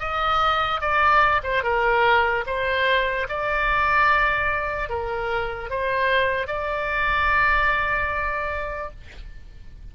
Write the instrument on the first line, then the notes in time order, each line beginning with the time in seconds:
oboe
0.00 D#5
0.81 D5
1.43 C5
1.64 A#4
2.47 C5
3.29 D5
4.90 A#4
5.70 C5
6.48 D5